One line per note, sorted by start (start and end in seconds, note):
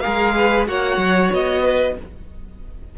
0.00 0.67 G#4
0.00 0.35 A#4
0.00 0.65 F5
0.06 0.68 G#3
0.36 0.69 B4
0.67 0.97 A#3
0.67 1.96 F#4
0.67 1.63 C#5
0.67 1.33 F#5
0.97 1.30 F#3
1.33 1.97 B3
1.33 1.98 D#5
1.63 1.95 B4